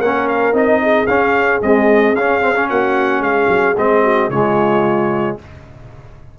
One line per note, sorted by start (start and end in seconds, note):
0.00 0.53 A#3
0.00 0.54 C#4
0.00 0.80 A#4
0.00 0.28 F#5
0.29 0.55 F5
0.53 1.07 C4
0.53 1.07 D#4
0.53 1.07 D#5
0.83 2.70 G#4
1.07 1.61 C#4
1.07 1.62 C#4
1.07 1.61 F5
1.62 2.15 G#3
1.62 2.17 C4
1.62 2.16 D#5
2.16 2.71 C#4
2.16 2.41 C#4
2.16 2.69 F5
2.41 2.55 C4
2.56 3.76 C#4
2.70 3.21 A#3
2.70 3.23 F#4
2.70 3.23 F#5
3.21 3.48 G#3
3.21 4.04 G#4
3.21 3.77 F5
3.49 3.75 F#3
3.78 4.30 G#3
3.78 4.31 C4
3.78 4.31 D#5
4.04 4.31 F#4
4.30 5.37 C#3
4.30 5.39 G#3
4.30 5.39 F4
4.30 5.38 C#5